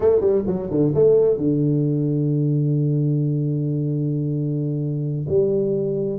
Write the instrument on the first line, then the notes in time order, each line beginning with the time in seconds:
tuba
0.00 A3
0.20 G3
0.46 F#3
0.70 D3
0.94 A3
1.37 D3
5.28 G3